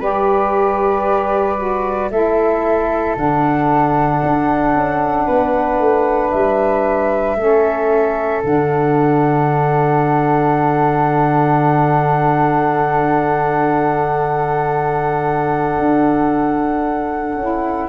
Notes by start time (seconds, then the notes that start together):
0.00 G3 G4 B4 D5
1.58 F#4
2.11 A3 E4 A4 E5
3.16 D3 D4 F#5
4.23 D4
4.75 C#4
5.26 B3 B4
5.79 A3
6.31 G3 E5
7.36 A3 C#4 A4
8.44 D3 D4 F#5
15.79 D4
17.36 C#4 E4